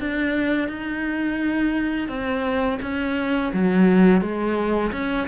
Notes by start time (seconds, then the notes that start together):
0.00 D4
0.69 D#4
2.09 C4
2.82 C#4
3.54 F#3
4.22 G#3
4.93 C#4